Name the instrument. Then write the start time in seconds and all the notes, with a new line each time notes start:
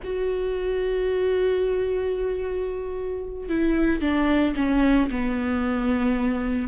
viola
0.03 F#4
3.48 E4
4.01 D4
4.56 C#4
5.10 B3